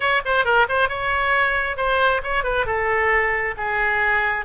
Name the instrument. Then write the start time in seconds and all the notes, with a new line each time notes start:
oboe
0.00 C#5
0.25 C5
0.44 A#4
0.68 C5
0.88 C#5
1.77 C5
2.23 C#5
2.43 B4
2.65 A4
3.57 G#4